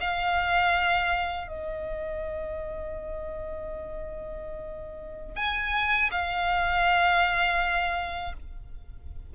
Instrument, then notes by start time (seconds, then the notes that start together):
violin
0.00 F5
1.47 D#5
5.35 G#5
6.11 F5